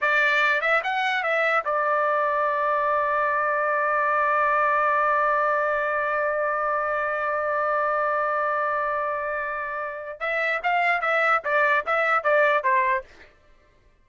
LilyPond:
\new Staff \with { instrumentName = "trumpet" } { \time 4/4 \tempo 4 = 147 d''4. e''8 fis''4 e''4 | d''1~ | d''1~ | d''1~ |
d''1~ | d''1~ | d''4 e''4 f''4 e''4 | d''4 e''4 d''4 c''4 | }